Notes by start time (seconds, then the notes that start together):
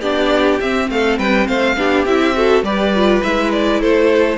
0.00 B3 D4 G4 D5
0.60 C4 E5
0.89 A3 A4 F5
1.18 G3 B4 G5
1.46 A3 C5 F5
1.76 B3 D4 G4
2.05 C4 E4 E5
2.34 F#4 A4
2.62 G3 G4 B4 D5
2.95 F4
3.22 G#3 E4 E5
3.52 D5
3.80 A3 A4 C5